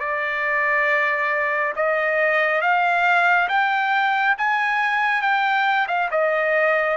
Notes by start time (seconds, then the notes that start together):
0.00 D5
1.76 D#5
2.62 F5
3.49 G5
4.38 G#5
5.22 G5
5.88 F5
6.11 D#5